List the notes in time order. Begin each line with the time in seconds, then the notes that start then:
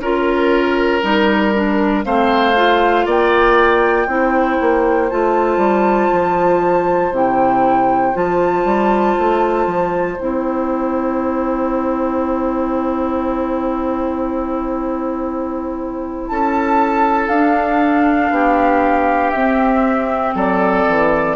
0.00 C#4 F4 A#4
1.01 G3 D#4
1.54 D4
2.03 A3 C4 C5 F5
2.55 F4
3.05 A#3 D5 G5
4.07 C4 E4 C5
4.60 A#3
5.10 A3 F4 A5
5.57 G3
6.12 F3
7.11 C3 E4 G5
8.13 F3 F4 A5
8.64 G3
9.18 A3
9.66 F3
10.19 C4 E4 G5
16.28 C#4 A4 A5
17.28 D4 F5
18.30 B3 G4
19.30 C4 E5
20.34 F#3 A4 D5
20.87 E3